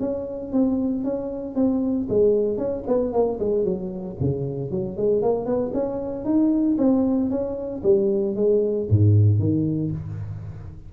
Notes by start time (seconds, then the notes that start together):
0.00 C#4
0.52 C4
1.04 C#4
1.55 C4
2.09 G#3
2.58 C#4
2.87 B3
3.12 A#3
3.40 G#3
3.64 F#3
4.20 C#3
4.71 F#3
4.97 G#3
5.22 A#3
5.45 B3
5.73 C#4
6.25 D#4
6.78 C4
7.30 C#4
7.83 G3
8.35 G#3
8.90 G#2
9.39 D#3